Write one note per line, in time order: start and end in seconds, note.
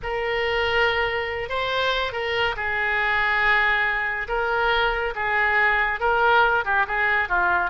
0.03 1.49 A#4
1.49 2.12 C5
2.12 2.55 A#4
2.56 4.27 G#4
4.28 5.14 A#4
5.15 6.00 G#4
6.00 6.64 A#4
6.64 6.86 G4
6.87 7.28 G#4
7.28 7.70 F4